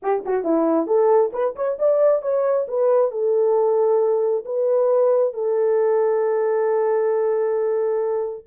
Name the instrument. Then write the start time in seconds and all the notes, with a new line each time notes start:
horn
0.02 G4
0.25 F#4
0.43 E4
0.86 A4
1.33 B4
1.55 C#5
1.78 D5
2.21 C#5
2.68 B4
3.11 A4
4.45 B4
5.33 A4